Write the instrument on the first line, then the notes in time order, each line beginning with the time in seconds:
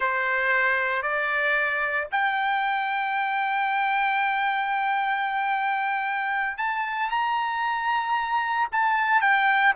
trumpet
0.00 C5
1.02 D5
2.11 G5
6.57 A5
7.10 A#5
8.72 A5
9.21 G5